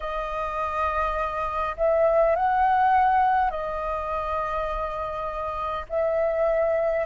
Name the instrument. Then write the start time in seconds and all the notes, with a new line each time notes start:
flute
0.00 D#5
1.76 E5
2.35 F#5
3.50 D#5
5.89 E5